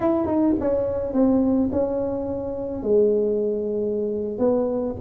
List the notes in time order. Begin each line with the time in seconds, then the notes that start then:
0.00 E4
0.26 D#4
0.59 C#4
1.13 C4
1.72 C#4
2.83 G#3
4.38 B3